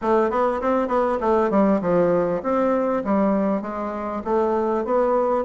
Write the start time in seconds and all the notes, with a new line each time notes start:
0.01 A3
0.30 B3
0.61 C4
0.88 B3
1.20 A3
1.50 G3
1.81 F3
2.42 C4
3.04 G3
3.61 G#3
4.24 A3
4.84 B3